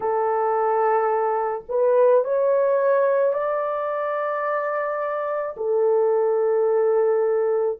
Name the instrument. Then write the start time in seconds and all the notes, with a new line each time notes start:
horn
0.00 A4
1.68 B4
2.24 C#5
3.33 D5
5.56 A4